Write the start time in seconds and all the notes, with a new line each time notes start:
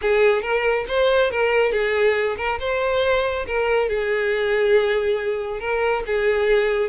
0.01 G#4
0.42 A#4
0.88 C5
1.30 A#4
1.71 G#4
2.37 A#4
2.59 C5
3.46 A#4
3.88 G#4
5.60 A#4
6.06 G#4